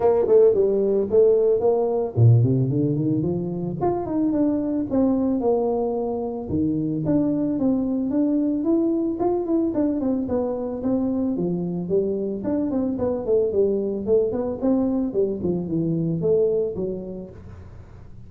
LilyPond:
\new Staff \with { instrumentName = "tuba" } { \time 4/4 \tempo 4 = 111 ais8 a8 g4 a4 ais4 | ais,8 c8 d8 dis8 f4 f'8 dis'8 | d'4 c'4 ais2 | dis4 d'4 c'4 d'4 |
e'4 f'8 e'8 d'8 c'8 b4 | c'4 f4 g4 d'8 c'8 | b8 a8 g4 a8 b8 c'4 | g8 f8 e4 a4 fis4 | }